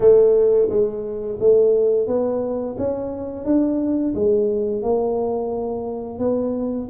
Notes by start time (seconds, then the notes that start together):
0.00 A3
0.69 G#3
1.40 A3
2.07 B3
2.77 C#4
3.45 D4
4.14 G#3
4.82 A#3
6.18 B3